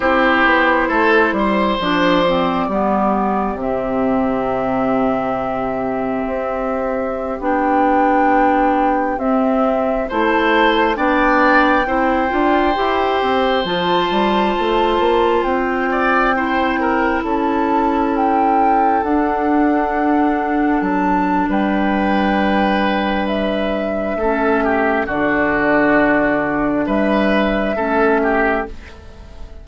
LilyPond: <<
  \new Staff \with { instrumentName = "flute" } { \time 4/4 \tempo 4 = 67 c''2 d''2 | e''1~ | e''16 g''2 e''4 a''8.~ | a''16 g''2. a''8.~ |
a''4~ a''16 g''2 a''8.~ | a''16 g''4 fis''2 a''8. | g''2 e''2 | d''2 e''2 | }
  \new Staff \with { instrumentName = "oboe" } { \time 4/4 g'4 a'8 c''4. g'4~ | g'1~ | g'2.~ g'16 c''8.~ | c''16 d''4 c''2~ c''8.~ |
c''4.~ c''16 d''8 c''8 ais'8 a'8.~ | a'1 | b'2. a'8 g'8 | fis'2 b'4 a'8 g'8 | }
  \new Staff \with { instrumentName = "clarinet" } { \time 4/4 e'2 d'8 c'8 b4 | c'1~ | c'16 d'2 c'4 e'8.~ | e'16 d'4 e'8 f'8 g'4 f'8.~ |
f'2~ f'16 e'4.~ e'16~ | e'4~ e'16 d'2~ d'8.~ | d'2. cis'4 | d'2. cis'4 | }
  \new Staff \with { instrumentName = "bassoon" } { \time 4/4 c'8 b8 a8 g8 f4 g4 | c2. c'4~ | c'16 b2 c'4 a8.~ | a16 b4 c'8 d'8 e'8 c'8 f8 g16~ |
g16 a8 ais8 c'2 cis'8.~ | cis'4~ cis'16 d'2 fis8. | g2. a4 | d2 g4 a4 | }
>>